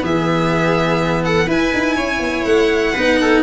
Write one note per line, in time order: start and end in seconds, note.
0.00 1.47 E3
0.00 1.46 B3
0.00 1.24 G#4
0.00 1.24 E5
1.24 1.47 A4
1.24 1.49 F#5
1.47 1.71 E4
1.47 2.95 E4
1.47 1.95 B4
1.47 2.45 G#5
1.74 1.98 D#4
1.96 2.19 C#4
1.96 2.93 C#5
2.19 2.44 B3
2.45 2.94 A3
2.45 3.42 F#5
2.93 3.42 B3
2.93 3.42 D#4
2.93 3.17 B4
3.21 3.42 A4